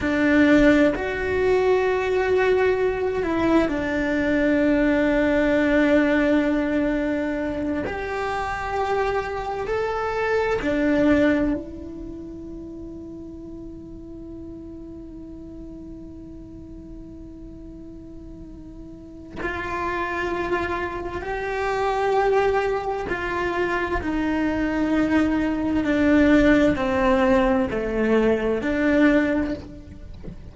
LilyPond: \new Staff \with { instrumentName = "cello" } { \time 4/4 \tempo 4 = 65 d'4 fis'2~ fis'8 e'8 | d'1~ | d'8 g'2 a'4 d'8~ | d'8 e'2.~ e'8~ |
e'1~ | e'4 f'2 g'4~ | g'4 f'4 dis'2 | d'4 c'4 a4 d'4 | }